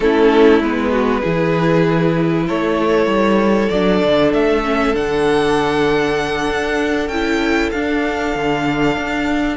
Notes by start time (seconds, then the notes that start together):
0.00 A3 C#4 E4 A4
0.60 G#3 B3 B4
0.91 F#4
1.20 E3 E4 G#4
2.47 A3 A4 C#5
3.06 G3
3.69 F#3 D4 D5
4.02 D3
4.33 A3 E5
4.64 C#4
4.93 D3 D4 F#5
6.49 D4
7.08 C#4 E4 G5
7.71 D4 F5
8.35 D3
8.96 D4